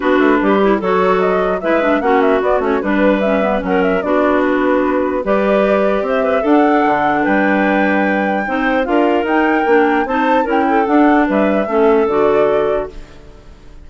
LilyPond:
<<
  \new Staff \with { instrumentName = "flute" } { \time 4/4 \tempo 4 = 149 b'2 cis''4 dis''4 | e''4 fis''8 e''8 d''8 cis''8 b'4 | e''4 fis''8 e''8 d''4 b'4~ | b'4 d''2 e''4 |
fis''2 g''2~ | g''2 f''4 g''4~ | g''4 a''4 g''4 fis''4 | e''2 d''2 | }
  \new Staff \with { instrumentName = "clarinet" } { \time 4/4 fis'4 g'4 a'2 | b'4 fis'2 b'4~ | b'4 ais'4 fis'2~ | fis'4 b'2 c''8 b'8 |
a'2 b'2~ | b'4 c''4 ais'2~ | ais'4 c''4 ais'8 a'4. | b'4 a'2. | }
  \new Staff \with { instrumentName = "clarinet" } { \time 4/4 d'4. e'8 fis'2 | e'8 d'8 cis'4 b8 cis'8 d'4 | cis'8 b8 cis'4 d'2~ | d'4 g'2. |
d'1~ | d'4 dis'4 f'4 dis'4 | d'4 dis'4 e'4 d'4~ | d'4 cis'4 fis'2 | }
  \new Staff \with { instrumentName = "bassoon" } { \time 4/4 b8 a8 g4 fis2 | gis4 ais4 b8 a8 g4~ | g4 fis4 b2~ | b4 g2 c'4 |
d'4 d4 g2~ | g4 c'4 d'4 dis'4 | ais4 c'4 cis'4 d'4 | g4 a4 d2 | }
>>